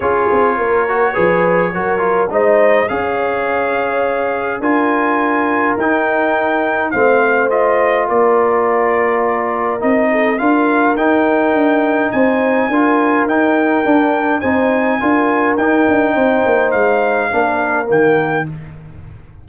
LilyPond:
<<
  \new Staff \with { instrumentName = "trumpet" } { \time 4/4 \tempo 4 = 104 cis''1 | dis''4 f''2. | gis''2 g''2 | f''4 dis''4 d''2~ |
d''4 dis''4 f''4 g''4~ | g''4 gis''2 g''4~ | g''4 gis''2 g''4~ | g''4 f''2 g''4 | }
  \new Staff \with { instrumentName = "horn" } { \time 4/4 gis'4 ais'4 b'4 ais'4 | c''4 cis''2. | ais'1 | c''2 ais'2~ |
ais'4. a'8 ais'2~ | ais'4 c''4 ais'2~ | ais'4 c''4 ais'2 | c''2 ais'2 | }
  \new Staff \with { instrumentName = "trombone" } { \time 4/4 f'4. fis'8 gis'4 fis'8 f'8 | dis'4 gis'2. | f'2 dis'2 | c'4 f'2.~ |
f'4 dis'4 f'4 dis'4~ | dis'2 f'4 dis'4 | d'4 dis'4 f'4 dis'4~ | dis'2 d'4 ais4 | }
  \new Staff \with { instrumentName = "tuba" } { \time 4/4 cis'8 c'8 ais4 f4 fis4 | gis4 cis'2. | d'2 dis'2 | a2 ais2~ |
ais4 c'4 d'4 dis'4 | d'4 c'4 d'4 dis'4 | d'4 c'4 d'4 dis'8 d'8 | c'8 ais8 gis4 ais4 dis4 | }
>>